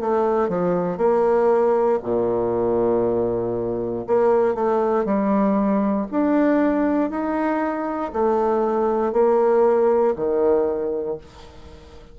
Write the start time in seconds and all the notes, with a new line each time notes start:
0.00 A3
0.49 F3
0.97 A#3
2.02 A#2
4.07 A#3
4.54 A3
5.04 G3
6.11 D4
7.10 D#4
8.13 A3
9.12 A#3
10.16 D#3